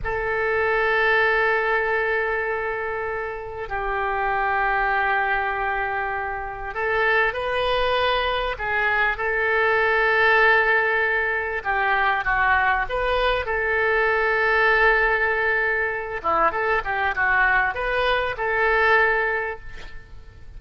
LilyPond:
\new Staff \with { instrumentName = "oboe" } { \time 4/4 \tempo 4 = 98 a'1~ | a'2 g'2~ | g'2. a'4 | b'2 gis'4 a'4~ |
a'2. g'4 | fis'4 b'4 a'2~ | a'2~ a'8 e'8 a'8 g'8 | fis'4 b'4 a'2 | }